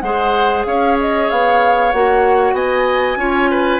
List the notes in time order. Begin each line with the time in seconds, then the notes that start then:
0.00 G#3 G#4 C5 F#5
0.65 C#4 C#5 F5
1.00 D#5
1.30 B3 F5
1.92 A#3 F#4 F#5
2.53 B3 D#5 G#5
3.16 C#4 F4 C#5
3.50 B4